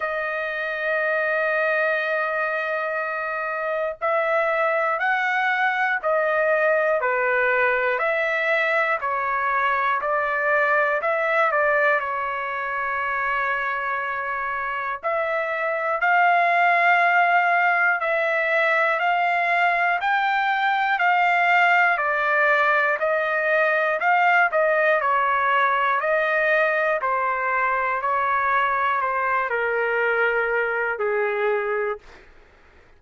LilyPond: \new Staff \with { instrumentName = "trumpet" } { \time 4/4 \tempo 4 = 60 dis''1 | e''4 fis''4 dis''4 b'4 | e''4 cis''4 d''4 e''8 d''8 | cis''2. e''4 |
f''2 e''4 f''4 | g''4 f''4 d''4 dis''4 | f''8 dis''8 cis''4 dis''4 c''4 | cis''4 c''8 ais'4. gis'4 | }